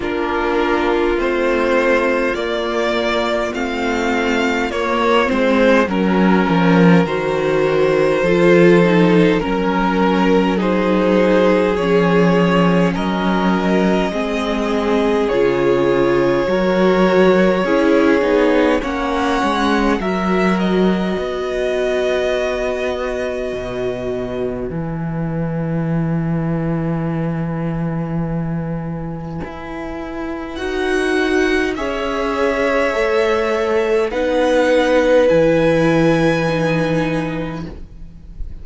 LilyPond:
<<
  \new Staff \with { instrumentName = "violin" } { \time 4/4 \tempo 4 = 51 ais'4 c''4 d''4 f''4 | cis''8 c''8 ais'4 c''2 | ais'4 c''4 cis''4 dis''4~ | dis''4 cis''2. |
fis''4 e''8 dis''2~ dis''8~ | dis''4 gis''2.~ | gis''2 fis''4 e''4~ | e''4 fis''4 gis''2 | }
  \new Staff \with { instrumentName = "violin" } { \time 4/4 f'1~ | f'4 ais'2 a'4 | ais'4 gis'2 ais'4 | gis'2 ais'4 gis'4 |
cis''4 ais'4 b'2~ | b'1~ | b'2. cis''4~ | cis''4 b'2. | }
  \new Staff \with { instrumentName = "viola" } { \time 4/4 d'4 c'4 ais4 c'4 | ais8 c'8 cis'4 fis'4 f'8 dis'8 | cis'4 dis'4 cis'2 | c'4 f'4 fis'4 e'8 dis'8 |
cis'4 fis'2.~ | fis'4 e'2.~ | e'2 fis'4 gis'4 | a'4 dis'4 e'4 dis'4 | }
  \new Staff \with { instrumentName = "cello" } { \time 4/4 ais4 a4 ais4 a4 | ais8 gis8 fis8 f8 dis4 f4 | fis2 f4 fis4 | gis4 cis4 fis4 cis'8 b8 |
ais8 gis8 fis4 b2 | b,4 e2.~ | e4 e'4 dis'4 cis'4 | a4 b4 e2 | }
>>